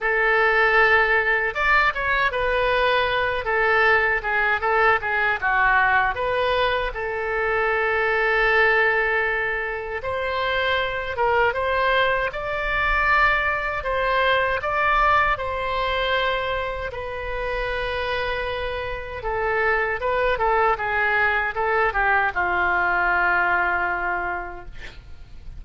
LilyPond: \new Staff \with { instrumentName = "oboe" } { \time 4/4 \tempo 4 = 78 a'2 d''8 cis''8 b'4~ | b'8 a'4 gis'8 a'8 gis'8 fis'4 | b'4 a'2.~ | a'4 c''4. ais'8 c''4 |
d''2 c''4 d''4 | c''2 b'2~ | b'4 a'4 b'8 a'8 gis'4 | a'8 g'8 f'2. | }